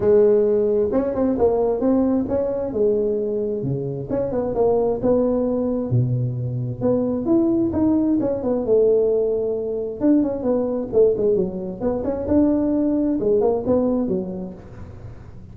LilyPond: \new Staff \with { instrumentName = "tuba" } { \time 4/4 \tempo 4 = 132 gis2 cis'8 c'8 ais4 | c'4 cis'4 gis2 | cis4 cis'8 b8 ais4 b4~ | b4 b,2 b4 |
e'4 dis'4 cis'8 b8 a4~ | a2 d'8 cis'8 b4 | a8 gis8 fis4 b8 cis'8 d'4~ | d'4 gis8 ais8 b4 fis4 | }